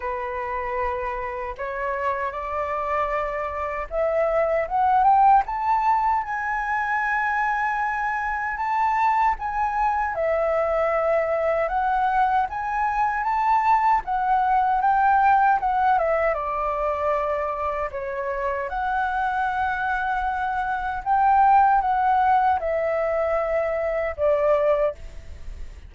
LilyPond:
\new Staff \with { instrumentName = "flute" } { \time 4/4 \tempo 4 = 77 b'2 cis''4 d''4~ | d''4 e''4 fis''8 g''8 a''4 | gis''2. a''4 | gis''4 e''2 fis''4 |
gis''4 a''4 fis''4 g''4 | fis''8 e''8 d''2 cis''4 | fis''2. g''4 | fis''4 e''2 d''4 | }